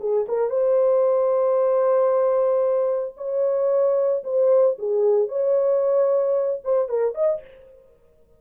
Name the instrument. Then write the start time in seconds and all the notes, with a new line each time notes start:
horn
0.00 G#4
0.28 A#4
0.50 C5
3.17 C#5
4.24 C5
4.79 G#4
5.28 C#5
6.64 C5
6.89 A#4
7.15 D#5